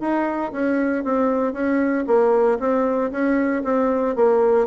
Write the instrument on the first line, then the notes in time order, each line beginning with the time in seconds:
bassoon
0.00 D#4
0.52 C#4
1.04 C4
1.53 C#4
2.07 A#3
2.59 C4
3.11 C#4
3.64 C4
4.16 A#3